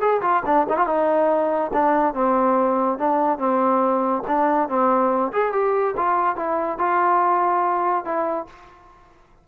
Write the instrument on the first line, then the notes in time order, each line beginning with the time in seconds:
trombone
0.00 G#4
0.21 F4
0.45 D4
0.69 D#4
0.77 F4
0.86 D#4
1.73 D4
2.14 C4
2.98 D4
3.38 C4
4.27 D4
4.68 C4
5.32 G#4
5.52 G4
5.96 F4
6.36 E4
6.78 F4
8.04 E4